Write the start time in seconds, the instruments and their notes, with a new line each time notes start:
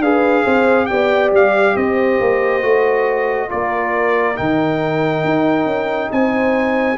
0.00 tuba D4, trombone G#4, horn B4, trumpet F5
0.44 tuba C4, horn C5
0.86 tuba B3, trombone G4, horn D5, trumpet G5
1.32 tuba G3, trumpet F5
1.76 tuba C4, horn C5, trumpet D#5
2.20 tuba A#3
2.62 tuba A3, trombone F#4
3.49 tuba A#3, trombone F4, horn A#4, trumpet D5
4.36 tuba D#3, trombone D#4, trumpet G5
5.24 tuba D#4
5.65 tuba C#4
6.12 tuba C4, horn C5, trumpet G#5